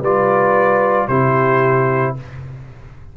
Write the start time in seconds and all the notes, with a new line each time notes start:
0.00 G3 F4 B4 D5
1.08 C3 E4 G4 C5